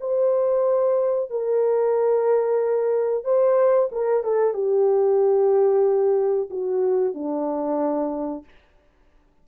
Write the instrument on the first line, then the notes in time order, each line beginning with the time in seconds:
horn
0.00 C5
1.30 A#4
3.24 C5
3.92 A#4
4.23 A4
4.54 G4
6.50 F#4
7.14 D4